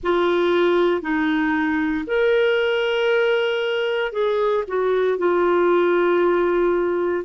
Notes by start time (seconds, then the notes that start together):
0.03 F4
1.01 D#4
2.06 A#4
4.12 G#4
4.67 F#4
5.17 F4